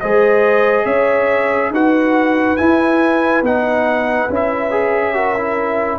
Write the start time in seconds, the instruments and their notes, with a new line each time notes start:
0.00 tuba G#3, trombone G#4, horn C5, trumpet D#5
0.85 tuba C#4, horn C#5, trumpet E5
1.70 tuba D#4, trombone F#4, horn B4, trumpet F#5
2.56 trombone E4, tuba E4, trumpet G#5
3.42 tuba B3, trombone D#4, trumpet F#5
4.29 tuba C#4, trombone E4, trumpet E5
4.71 trombone G#4
5.14 trombone F#4, horn A#4
5.37 trombone E4